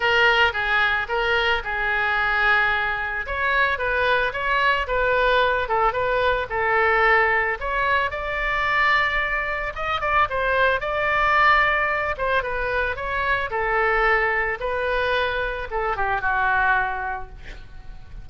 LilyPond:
\new Staff \with { instrumentName = "oboe" } { \time 4/4 \tempo 4 = 111 ais'4 gis'4 ais'4 gis'4~ | gis'2 cis''4 b'4 | cis''4 b'4. a'8 b'4 | a'2 cis''4 d''4~ |
d''2 dis''8 d''8 c''4 | d''2~ d''8 c''8 b'4 | cis''4 a'2 b'4~ | b'4 a'8 g'8 fis'2 | }